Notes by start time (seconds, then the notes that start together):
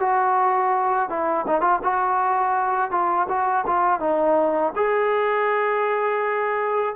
0.00 F#4
1.09 E4
1.47 D#4
1.61 F4
1.84 F#4
2.91 F4
3.29 F#4
3.67 F4
4.00 D#4
4.76 G#4